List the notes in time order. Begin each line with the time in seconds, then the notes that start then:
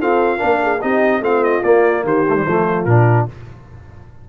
0.00 C4 F4 A4 F5
0.38 A#3 D4 A#4
0.62 G#4
0.81 C4 D#4 G4 D#5
1.21 A3 C4 F4 F5
1.44 D#5
1.63 A#3 D5
2.04 D#3 G4 C5
2.29 A3
2.36 G3
2.47 F3 A3 F4
2.85 A#2 D4 A#4